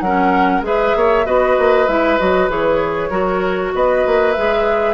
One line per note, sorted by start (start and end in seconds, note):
0.00 0.61 F#3
0.00 0.62 C#4
0.00 0.65 A#4
0.00 0.62 F#5
0.61 0.92 G#3
0.61 1.24 G#4
0.61 0.97 B4
0.61 1.26 E5
0.95 1.26 A#3
0.95 1.26 C#5
1.25 1.57 B3
1.25 1.87 F#4
1.25 3.10 B4
1.25 1.87 D#5
1.58 1.87 A#3
1.87 2.18 G#3
1.87 2.18 E4
1.87 2.18 E5
2.18 2.49 F#3
2.18 2.49 F#4
2.18 2.49 D#5
2.49 3.10 E3
2.49 3.10 G#4
2.49 3.74 C#5
3.10 3.72 F#3
3.10 4.34 F#4
3.10 3.72 A#4
3.74 4.05 B3
3.74 4.94 B4
3.74 4.32 D#5
4.06 4.37 A#3
4.32 4.94 G#3
4.32 4.94 G#4
4.32 4.94 E5